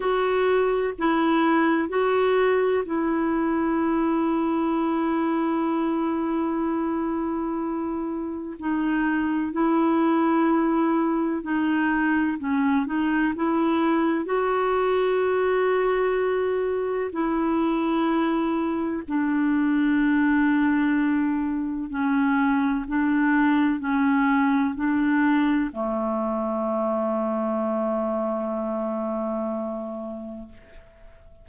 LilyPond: \new Staff \with { instrumentName = "clarinet" } { \time 4/4 \tempo 4 = 63 fis'4 e'4 fis'4 e'4~ | e'1~ | e'4 dis'4 e'2 | dis'4 cis'8 dis'8 e'4 fis'4~ |
fis'2 e'2 | d'2. cis'4 | d'4 cis'4 d'4 a4~ | a1 | }